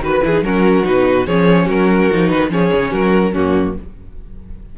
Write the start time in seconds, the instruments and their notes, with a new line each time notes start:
0.00 cello D#3, viola F#4, violin B4
0.22 cello E3, viola E4, violin G#4
0.33 viola D#4
0.42 cello F#3, viola C#4, violin F#4 A#4
0.84 cello B2, viola D#4, violin B4
1.27 cello F3, viola C#4, violin G#4 C#5
1.66 cello F#3, violin F#4 A#4
2.12 cello F3, viola D#4
2.29 cello D#3, violin B4
2.50 cello F3, viola C#4, violin G#4 C#5
2.74 cello C#3
2.92 cello F#3, violin F#4 A#4
3.32 cello F#2, viola A#3, violin C#4 F#4